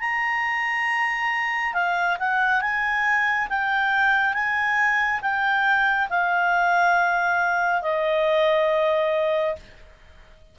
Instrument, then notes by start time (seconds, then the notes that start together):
clarinet
0.00 A#5
1.74 F5
2.19 F#5
2.61 G#5
3.49 G5
4.34 G#5
5.21 G5
6.09 F5
7.82 D#5